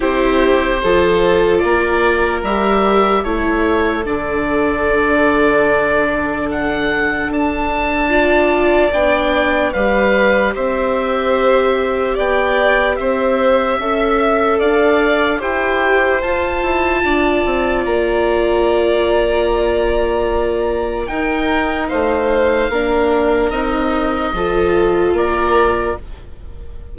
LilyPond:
<<
  \new Staff \with { instrumentName = "oboe" } { \time 4/4 \tempo 4 = 74 c''2 d''4 e''4 | cis''4 d''2. | fis''4 a''2 g''4 | f''4 e''2 g''4 |
e''2 f''4 g''4 | a''2 ais''2~ | ais''2 g''4 f''4~ | f''4 dis''2 d''4 | }
  \new Staff \with { instrumentName = "violin" } { \time 4/4 g'4 a'4 ais'2 | a'1~ | a'2 d''2 | b'4 c''2 d''4 |
c''4 e''4 d''4 c''4~ | c''4 d''2.~ | d''2 ais'4 c''4 | ais'2 a'4 ais'4 | }
  \new Staff \with { instrumentName = "viola" } { \time 4/4 e'4 f'2 g'4 | e'4 d'2.~ | d'2 f'4 d'4 | g'1~ |
g'4 a'2 g'4 | f'1~ | f'2 dis'2 | d'4 dis'4 f'2 | }
  \new Staff \with { instrumentName = "bassoon" } { \time 4/4 c'4 f4 ais4 g4 | a4 d2.~ | d4 d'2 b4 | g4 c'2 b4 |
c'4 cis'4 d'4 e'4 | f'8 e'8 d'8 c'8 ais2~ | ais2 dis'4 a4 | ais4 c'4 f4 ais4 | }
>>